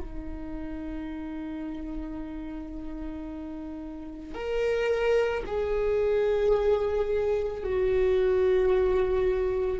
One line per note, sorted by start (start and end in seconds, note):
0.00 4.35 D#4
4.35 5.44 A#4
5.46 7.64 G#4
7.64 9.80 F#4